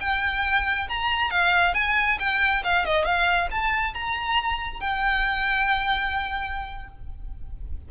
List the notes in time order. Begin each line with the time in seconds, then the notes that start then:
0.00 G5
0.89 A#5
1.30 F5
1.74 G#5
2.19 G5
2.64 F5
2.85 D#5
3.05 F5
3.51 A5
3.94 A#5
4.80 G5